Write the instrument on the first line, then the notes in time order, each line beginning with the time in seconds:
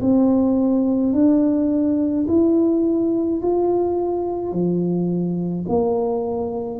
tuba
0.00 C4
1.13 D4
2.27 E4
3.42 F4
4.52 F3
5.68 A#3